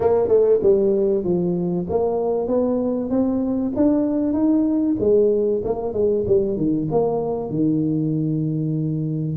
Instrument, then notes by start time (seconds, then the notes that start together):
tuba
0.00 A#3
0.28 A3
0.62 G3
1.23 F3
1.89 A#3
2.47 B3
3.09 C4
3.76 D4
4.33 D#4
4.99 G#3
5.64 A#3
5.93 G#3
6.27 G3
6.56 D#3
6.91 A#3
7.49 D#3